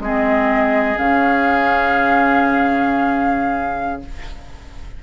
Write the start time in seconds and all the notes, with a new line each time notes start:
0.00 G#3 C4 G#4 D#5
0.96 C#3 C#4 F5